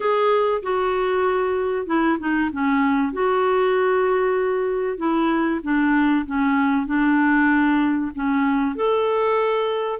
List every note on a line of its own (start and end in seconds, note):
0.00 0.61 G#4
0.62 1.86 F#4
1.86 2.17 E4
2.19 2.50 D#4
2.52 3.12 C#4
3.12 4.97 F#4
4.97 5.60 E4
5.62 6.25 D4
6.26 6.86 C#4
6.86 8.11 D4
8.14 8.75 C#4
8.75 9.99 A4